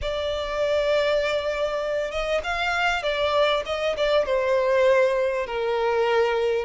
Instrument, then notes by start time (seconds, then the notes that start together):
violin
0.01 D5
2.10 D#5
2.43 F5
3.02 D5
3.65 D#5
3.96 D5
4.25 C5
5.46 A#4